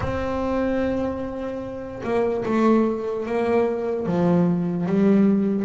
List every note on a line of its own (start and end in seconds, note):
0.00 2.02 C4
2.03 2.44 A#3
2.45 3.25 A3
3.25 4.06 A#3
4.06 4.86 F3
4.86 5.64 G3